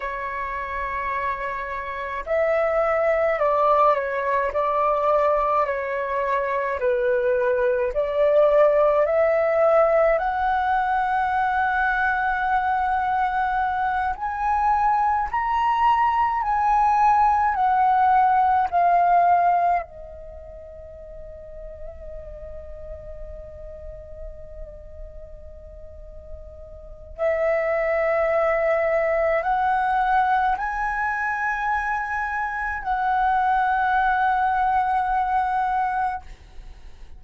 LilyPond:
\new Staff \with { instrumentName = "flute" } { \time 4/4 \tempo 4 = 53 cis''2 e''4 d''8 cis''8 | d''4 cis''4 b'4 d''4 | e''4 fis''2.~ | fis''8 gis''4 ais''4 gis''4 fis''8~ |
fis''8 f''4 dis''2~ dis''8~ | dis''1 | e''2 fis''4 gis''4~ | gis''4 fis''2. | }